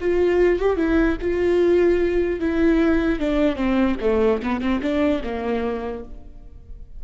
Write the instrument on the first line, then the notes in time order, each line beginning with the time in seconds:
viola
0.00 F4
0.59 G4
0.77 E4
1.21 F4
2.40 E4
3.19 D4
3.56 C4
4.01 A3
4.42 B3
4.61 C4
4.82 D4
5.24 A#3